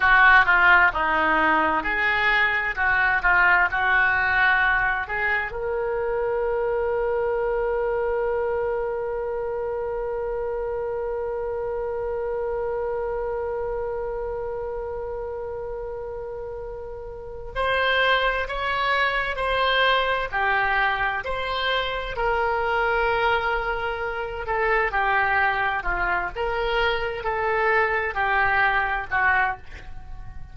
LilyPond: \new Staff \with { instrumentName = "oboe" } { \time 4/4 \tempo 4 = 65 fis'8 f'8 dis'4 gis'4 fis'8 f'8 | fis'4. gis'8 ais'2~ | ais'1~ | ais'1~ |
ais'2. c''4 | cis''4 c''4 g'4 c''4 | ais'2~ ais'8 a'8 g'4 | f'8 ais'4 a'4 g'4 fis'8 | }